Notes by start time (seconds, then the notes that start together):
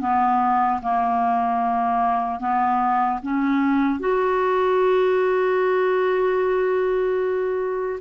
0.00 B3
0.82 A#3
2.39 B3
3.22 C#4
3.99 F#4